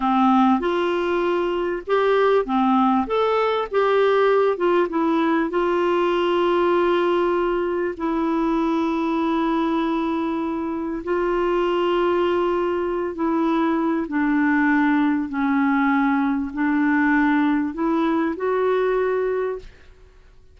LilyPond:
\new Staff \with { instrumentName = "clarinet" } { \time 4/4 \tempo 4 = 98 c'4 f'2 g'4 | c'4 a'4 g'4. f'8 | e'4 f'2.~ | f'4 e'2.~ |
e'2 f'2~ | f'4. e'4. d'4~ | d'4 cis'2 d'4~ | d'4 e'4 fis'2 | }